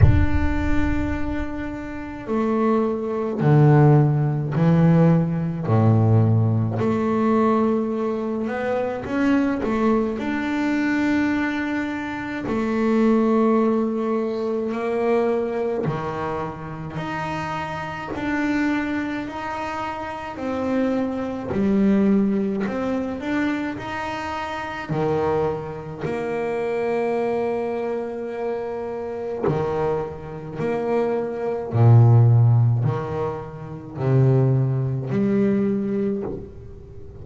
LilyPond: \new Staff \with { instrumentName = "double bass" } { \time 4/4 \tempo 4 = 53 d'2 a4 d4 | e4 a,4 a4. b8 | cis'8 a8 d'2 a4~ | a4 ais4 dis4 dis'4 |
d'4 dis'4 c'4 g4 | c'8 d'8 dis'4 dis4 ais4~ | ais2 dis4 ais4 | ais,4 dis4 c4 g4 | }